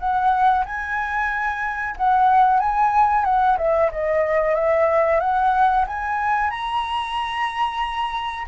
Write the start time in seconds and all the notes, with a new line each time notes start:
0.00 F#5
0.66 G#5
1.97 F#5
2.60 G#5
3.25 F#5
3.58 E5
3.92 D#5
4.55 E5
5.20 F#5
5.87 G#5
6.50 A#5